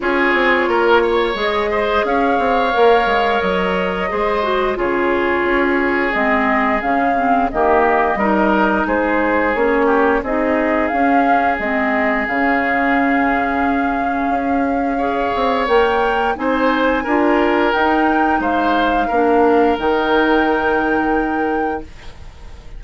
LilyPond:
<<
  \new Staff \with { instrumentName = "flute" } { \time 4/4 \tempo 4 = 88 cis''2 dis''4 f''4~ | f''4 dis''2 cis''4~ | cis''4 dis''4 f''4 dis''4~ | dis''4 c''4 cis''4 dis''4 |
f''4 dis''4 f''2~ | f''2. g''4 | gis''2 g''4 f''4~ | f''4 g''2. | }
  \new Staff \with { instrumentName = "oboe" } { \time 4/4 gis'4 ais'8 cis''4 c''8 cis''4~ | cis''2 c''4 gis'4~ | gis'2. g'4 | ais'4 gis'4. g'8 gis'4~ |
gis'1~ | gis'2 cis''2 | c''4 ais'2 c''4 | ais'1 | }
  \new Staff \with { instrumentName = "clarinet" } { \time 4/4 f'2 gis'2 | ais'2 gis'8 fis'8 f'4~ | f'4 c'4 cis'8 c'8 ais4 | dis'2 cis'4 dis'4 |
cis'4 c'4 cis'2~ | cis'2 gis'4 ais'4 | dis'4 f'4 dis'2 | d'4 dis'2. | }
  \new Staff \with { instrumentName = "bassoon" } { \time 4/4 cis'8 c'8 ais4 gis4 cis'8 c'8 | ais8 gis8 fis4 gis4 cis4 | cis'4 gis4 cis4 dis4 | g4 gis4 ais4 c'4 |
cis'4 gis4 cis2~ | cis4 cis'4. c'8 ais4 | c'4 d'4 dis'4 gis4 | ais4 dis2. | }
>>